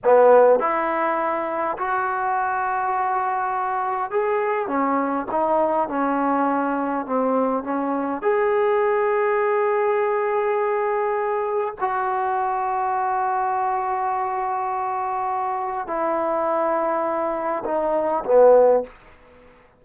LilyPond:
\new Staff \with { instrumentName = "trombone" } { \time 4/4 \tempo 4 = 102 b4 e'2 fis'4~ | fis'2. gis'4 | cis'4 dis'4 cis'2 | c'4 cis'4 gis'2~ |
gis'1 | fis'1~ | fis'2. e'4~ | e'2 dis'4 b4 | }